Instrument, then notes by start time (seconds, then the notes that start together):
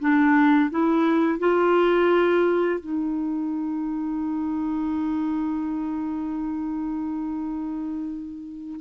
clarinet
0.00 D4
0.70 E4
1.39 F4
2.81 D#4